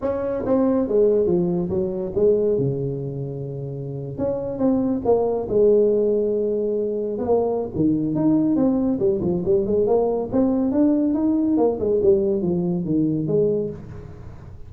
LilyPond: \new Staff \with { instrumentName = "tuba" } { \time 4/4 \tempo 4 = 140 cis'4 c'4 gis4 f4 | fis4 gis4 cis2~ | cis4.~ cis16 cis'4 c'4 ais16~ | ais8. gis2.~ gis16~ |
gis8. b16 ais4 dis4 dis'4 | c'4 g8 f8 g8 gis8 ais4 | c'4 d'4 dis'4 ais8 gis8 | g4 f4 dis4 gis4 | }